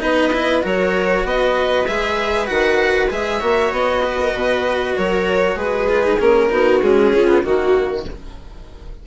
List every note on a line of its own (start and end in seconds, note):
0.00 0.64 B3
0.00 0.31 D#4
0.00 0.64 B4
0.00 0.63 D#5
0.33 0.61 E4
0.61 1.24 F#3
0.61 1.85 F#4
0.61 1.25 A#4
0.61 1.26 C#5
1.24 1.86 B3
1.24 3.39 B4
1.24 1.87 D#5
1.87 2.50 G#3
1.87 2.47 G#4
1.87 2.46 E5
2.46 3.11 D#3
2.46 3.08 F#4
2.46 3.08 F#5
3.10 3.42 G#3
3.10 3.40 G#4
3.10 3.73 E5
3.39 3.72 A#3
3.39 5.88 F#4
3.39 4.01 C#5
3.72 4.34 B3
3.72 4.97 D#5
4.05 4.20 B4
4.21 4.35 A#4
4.34 4.95 B2
4.34 4.97 B4
4.97 5.56 F#3
4.97 5.55 A#4
4.97 5.58 C#5
5.55 6.17 G#3
5.55 6.48 G#4
5.55 6.20 B4
5.88 6.03 F4
6.03 6.18 D#4
6.19 6.51 A#3
6.19 6.49 C#4
6.19 6.82 A#4
6.49 6.81 B3
6.49 6.80 D#4
6.49 7.13 F#4
6.82 7.13 G#3
6.82 7.44 C#4
6.82 7.44 G#4
7.13 7.27 C#4
7.13 7.45 F4
7.27 7.43 B3
7.43 8.06 D#3
7.43 8.05 A#3
7.43 8.06 F#4